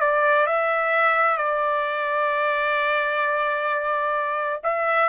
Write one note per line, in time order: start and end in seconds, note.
0.00 0.46 D5
0.46 1.37 E5
1.37 4.60 D5
4.63 5.09 E5